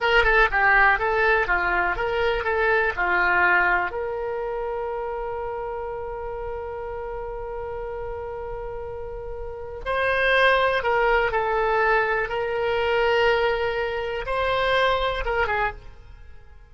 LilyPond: \new Staff \with { instrumentName = "oboe" } { \time 4/4 \tempo 4 = 122 ais'8 a'8 g'4 a'4 f'4 | ais'4 a'4 f'2 | ais'1~ | ais'1~ |
ais'1 | c''2 ais'4 a'4~ | a'4 ais'2.~ | ais'4 c''2 ais'8 gis'8 | }